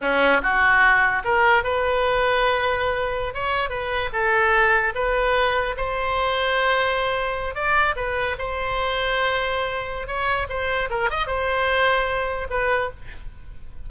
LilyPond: \new Staff \with { instrumentName = "oboe" } { \time 4/4 \tempo 4 = 149 cis'4 fis'2 ais'4 | b'1~ | b'16 cis''4 b'4 a'4.~ a'16~ | a'16 b'2 c''4.~ c''16~ |
c''2~ c''8. d''4 b'16~ | b'8. c''2.~ c''16~ | c''4 cis''4 c''4 ais'8 dis''8 | c''2. b'4 | }